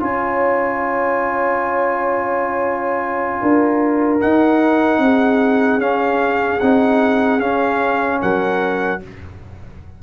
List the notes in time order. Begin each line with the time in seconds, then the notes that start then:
0.00 C#4 F4 C#5 G#5
3.42 D4 A#4
4.21 D#4 F#5
4.98 C4 G#4
5.78 C#4 F5
6.60 C4 D#4 F#5
7.40 C#4 F5
8.22 F#3 A#4 F#5